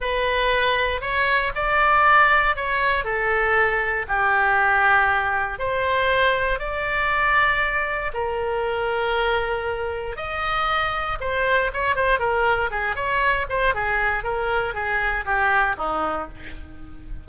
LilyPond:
\new Staff \with { instrumentName = "oboe" } { \time 4/4 \tempo 4 = 118 b'2 cis''4 d''4~ | d''4 cis''4 a'2 | g'2. c''4~ | c''4 d''2. |
ais'1 | dis''2 c''4 cis''8 c''8 | ais'4 gis'8 cis''4 c''8 gis'4 | ais'4 gis'4 g'4 dis'4 | }